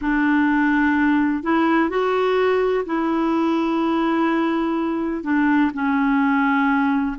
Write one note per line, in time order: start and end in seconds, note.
0.01 1.43 D4
1.43 1.89 E4
1.89 2.84 F#4
2.85 5.23 E4
5.23 5.71 D4
5.73 7.16 C#4